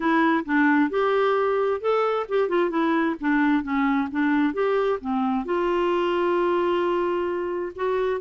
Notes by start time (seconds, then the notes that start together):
0.00 E4
0.45 D4
0.89 G4
1.81 A4
2.29 G4
2.48 F4
2.70 E4
3.20 D4
3.63 C#4
4.11 D4
4.53 G4
5.01 C4
5.45 F4
7.75 F#4